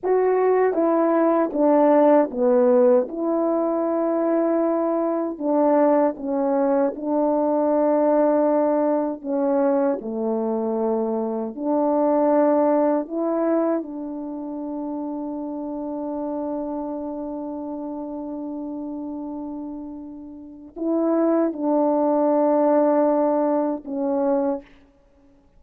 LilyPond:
\new Staff \with { instrumentName = "horn" } { \time 4/4 \tempo 4 = 78 fis'4 e'4 d'4 b4 | e'2. d'4 | cis'4 d'2. | cis'4 a2 d'4~ |
d'4 e'4 d'2~ | d'1~ | d'2. e'4 | d'2. cis'4 | }